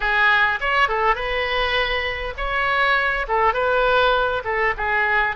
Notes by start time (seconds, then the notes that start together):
0.00 G#4
0.60 C#5
0.88 A4
1.15 B4
2.37 C#5
3.28 A4
3.53 B4
4.44 A4
4.77 G#4